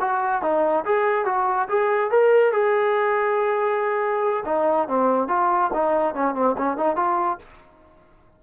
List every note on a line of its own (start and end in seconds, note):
0.00 0.42 F#4
0.42 0.84 D#4
0.85 1.25 G#4
1.25 1.68 F#4
1.69 2.11 G#4
2.11 2.52 A#4
2.52 4.44 G#4
4.45 4.88 D#4
4.88 5.28 C4
5.28 5.71 F4
5.73 6.14 D#4
6.14 6.34 C#4
6.34 6.55 C4
6.58 6.77 C#4
6.77 6.96 D#4
6.96 7.38 F4